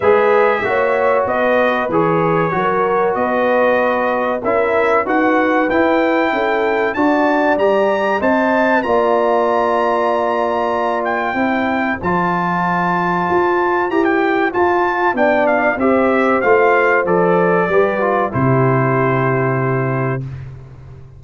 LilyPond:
<<
  \new Staff \with { instrumentName = "trumpet" } { \time 4/4 \tempo 4 = 95 e''2 dis''4 cis''4~ | cis''4 dis''2 e''4 | fis''4 g''2 a''4 | ais''4 a''4 ais''2~ |
ais''4. g''4. a''4~ | a''2 ais''16 g''8. a''4 | g''8 f''8 e''4 f''4 d''4~ | d''4 c''2. | }
  \new Staff \with { instrumentName = "horn" } { \time 4/4 b'4 cis''4 b'2 | ais'4 b'2 ais'4 | b'2 a'4 d''4~ | d''4 dis''4 d''2~ |
d''2 c''2~ | c''1 | d''4 c''2. | b'4 g'2. | }
  \new Staff \with { instrumentName = "trombone" } { \time 4/4 gis'4 fis'2 gis'4 | fis'2. e'4 | fis'4 e'2 fis'4 | g'4 c''4 f'2~ |
f'2 e'4 f'4~ | f'2 g'4 f'4 | d'4 g'4 f'4 a'4 | g'8 f'8 e'2. | }
  \new Staff \with { instrumentName = "tuba" } { \time 4/4 gis4 ais4 b4 e4 | fis4 b2 cis'4 | dis'4 e'4 cis'4 d'4 | g4 c'4 ais2~ |
ais2 c'4 f4~ | f4 f'4 e'4 f'4 | b4 c'4 a4 f4 | g4 c2. | }
>>